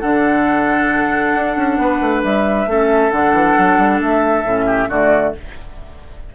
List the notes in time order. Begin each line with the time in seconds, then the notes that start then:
0.00 D3 D4 A4 F#5
1.35 D4
1.57 C#4
1.78 B3 B4
2.01 A3
2.24 G3 E5
2.66 A3 C#4 A4
3.11 D3 D4 F#5
3.33 E3
3.59 F#3
3.78 G3
4.00 A3 E5
4.44 A2 C#4
4.66 G4
4.89 D3 A3 F#4 D5